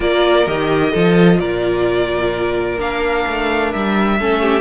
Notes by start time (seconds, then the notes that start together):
0.00 A#3 F4 A#4 D5
0.46 D#3 G4 D#5
0.91 F3 F4 A4
1.39 A#2 A#4 D5
2.79 A#3 D4 F5
3.27 A3
3.72 G3 E5
4.19 A3 C#4 A4
4.41 G4